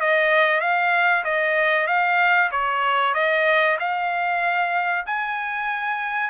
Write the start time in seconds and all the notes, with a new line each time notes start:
0.00 D#5
0.60 F5
1.24 D#5
1.86 F5
2.51 C#5
3.14 D#5
3.79 F5
5.06 G#5